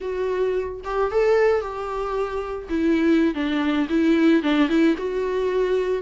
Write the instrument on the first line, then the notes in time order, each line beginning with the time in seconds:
viola
0.00 F#4
0.84 G4
1.11 A4
1.61 G4
2.69 E4
3.34 D4
3.89 E4
4.42 D4
4.69 E4
4.97 F#4